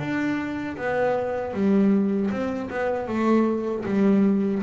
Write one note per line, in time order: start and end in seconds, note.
0.00 0.77 D4
0.77 1.54 B3
1.54 2.31 G3
2.31 2.70 C4
2.71 3.08 B3
3.08 3.85 A3
3.86 4.63 G3